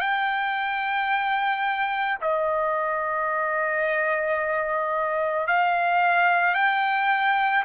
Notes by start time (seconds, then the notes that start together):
0.00 G5
2.21 D#5
5.47 F5
6.55 G5